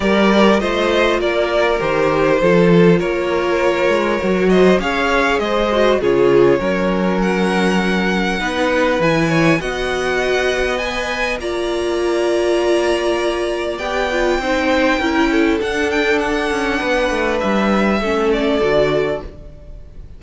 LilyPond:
<<
  \new Staff \with { instrumentName = "violin" } { \time 4/4 \tempo 4 = 100 d''4 dis''4 d''4 c''4~ | c''4 cis''2~ cis''8 dis''8 | f''4 dis''4 cis''2 | fis''2. gis''4 |
fis''2 gis''4 ais''4~ | ais''2. g''4~ | g''2 fis''8 g''8 fis''4~ | fis''4 e''4. d''4. | }
  \new Staff \with { instrumentName = "violin" } { \time 4/4 ais'4 c''4 ais'2 | a'4 ais'2~ ais'8 c''8 | cis''4 c''4 gis'4 ais'4~ | ais'2 b'4. cis''8 |
dis''2. d''4~ | d''1 | c''4 ais'8 a'2~ a'8 | b'2 a'2 | }
  \new Staff \with { instrumentName = "viola" } { \time 4/4 g'4 f'2 g'4 | f'2. fis'4 | gis'4. fis'8 f'4 cis'4~ | cis'2 dis'4 e'4 |
fis'2 b'4 f'4~ | f'2. g'8 f'8 | dis'4 e'4 d'2~ | d'2 cis'4 fis'4 | }
  \new Staff \with { instrumentName = "cello" } { \time 4/4 g4 a4 ais4 dis4 | f4 ais4. gis8 fis4 | cis'4 gis4 cis4 fis4~ | fis2 b4 e4 |
b2. ais4~ | ais2. b4 | c'4 cis'4 d'4. cis'8 | b8 a8 g4 a4 d4 | }
>>